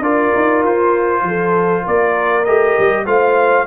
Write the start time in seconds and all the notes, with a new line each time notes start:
0.00 D4 F4 A#4 D5
0.35 D#4
0.64 F4 C5
1.23 F3 A4
1.84 A#3 A#4 D5
2.45 A3 G4 D#5
2.79 G3
3.06 A3 F4 C5 F5